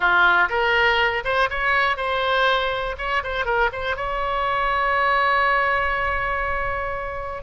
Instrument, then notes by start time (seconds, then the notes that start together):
oboe
0.00 F4
0.49 A#4
1.24 C5
1.50 C#5
1.96 C5
2.98 C#5
3.23 C5
3.45 A#4
3.72 C5
3.96 C#5